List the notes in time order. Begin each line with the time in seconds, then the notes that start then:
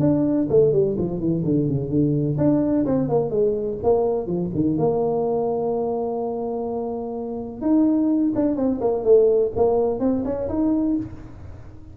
0.00 D4
0.50 A3
0.73 G3
0.98 F3
1.19 E3
1.44 D3
1.68 C#3
1.89 D3
2.37 D4
2.86 C4
3.09 A#3
3.31 G#3
3.83 A#3
4.27 F3
4.54 D#3
4.77 A#3
7.61 D#4
8.35 D4
8.56 C4
8.81 A#3
9.04 A3
9.56 A#3
10.00 C4
10.25 C#4
10.49 D#4